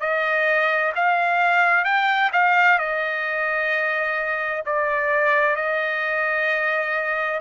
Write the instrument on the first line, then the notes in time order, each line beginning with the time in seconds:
trumpet
0.00 D#5
0.95 F5
1.84 G5
2.32 F5
2.78 D#5
4.65 D5
5.56 D#5